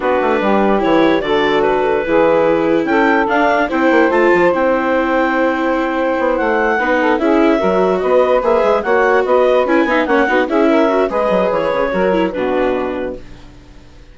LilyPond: <<
  \new Staff \with { instrumentName = "clarinet" } { \time 4/4 \tempo 4 = 146 b'2 cis''4 d''4 | b'2. g''4 | f''4 g''4 a''4 g''4~ | g''2.~ g''8 fis''8~ |
fis''4. e''2 dis''8~ | dis''8 e''4 fis''4 dis''4 gis''8~ | gis''8 fis''4 e''4. dis''4 | cis''2 b'2 | }
  \new Staff \with { instrumentName = "saxophone" } { \time 4/4 fis'4 g'2 a'4~ | a'4 gis'2 a'4~ | a'4 c''2.~ | c''1~ |
c''8 b'8 a'8 gis'4 ais'4 b'8~ | b'4. cis''4 b'4. | e''8 cis''8 fis'8 gis'8 ais'4 b'4~ | b'4 ais'4 fis'2 | }
  \new Staff \with { instrumentName = "viola" } { \time 4/4 d'2 e'4 fis'4~ | fis'4 e'2. | d'4 e'4 f'4 e'4~ | e'1~ |
e'8 dis'4 e'4 fis'4.~ | fis'8 gis'4 fis'2 e'8 | dis'8 cis'8 dis'8 e'4 fis'8 gis'4~ | gis'4 fis'8 e'8 d'2 | }
  \new Staff \with { instrumentName = "bassoon" } { \time 4/4 b8 a8 g4 e4 d4~ | d4 e2 cis'4 | d'4 c'8 ais8 a8 f8 c'4~ | c'2. b8 a8~ |
a8 b4 cis'4 fis4 b8~ | b8 ais8 gis8 ais4 b4 cis'8 | b8 ais8 b8 cis'4. gis8 fis8 | e8 cis8 fis4 b,2 | }
>>